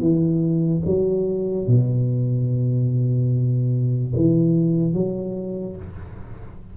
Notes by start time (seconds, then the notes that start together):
0.00 E3
0.86 F#3
1.67 B2
4.16 E3
4.94 F#3